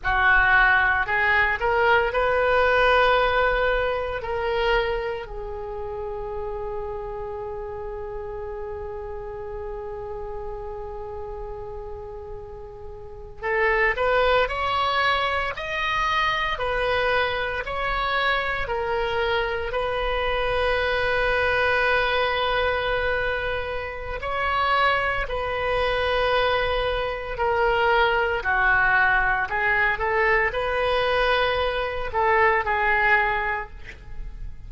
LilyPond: \new Staff \with { instrumentName = "oboe" } { \time 4/4 \tempo 4 = 57 fis'4 gis'8 ais'8 b'2 | ais'4 gis'2.~ | gis'1~ | gis'8. a'8 b'8 cis''4 dis''4 b'16~ |
b'8. cis''4 ais'4 b'4~ b'16~ | b'2. cis''4 | b'2 ais'4 fis'4 | gis'8 a'8 b'4. a'8 gis'4 | }